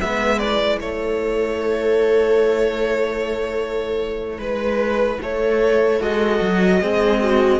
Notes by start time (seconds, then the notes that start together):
0.00 G#3 B3 B4 E5
0.38 E4 D5
0.80 A3 A4 C#5
4.38 G#3 B4
5.21 A3 A4 C#5
6.00 G#3 F#4 D#5
6.41 F#3
6.81 G#3 C4 G#4
7.21 F#4